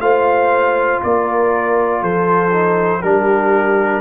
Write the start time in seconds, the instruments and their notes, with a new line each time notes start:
0.00 tuba A3, trombone F4, horn C5, trumpet F5
1.04 tuba A#3, horn A#4, trumpet D5
2.02 tuba F3, horn A4, trumpet C5
2.53 trombone D#4
3.02 tuba G3, trombone D4, horn G4, trumpet A#4